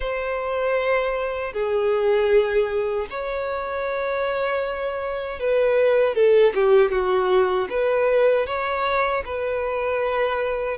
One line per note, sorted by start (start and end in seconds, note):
0.00 1.53 C5
1.53 3.07 G#4
3.09 5.39 C#5
5.39 6.14 B4
6.14 6.53 A4
6.54 6.91 G4
6.91 7.68 F#4
7.69 8.46 B4
8.46 9.23 C#5
9.25 10.77 B4